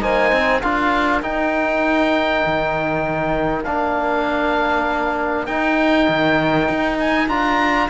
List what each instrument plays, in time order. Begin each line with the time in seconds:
0.00 cello A#3, trombone D#4, horn C5, oboe G#5
0.32 cello C4
0.61 cello D4, trombone F4, horn A#4, oboe F5
1.22 cello D#4, trombone D#4, oboe G5
2.45 cello D#3
3.64 cello A#3, trombone D4, oboe F5
5.46 cello D#4, trombone D#4, oboe G5
6.08 cello D#3
6.69 cello D#4
7.00 oboe G#5
7.28 cello D4, trombone F4, oboe A#5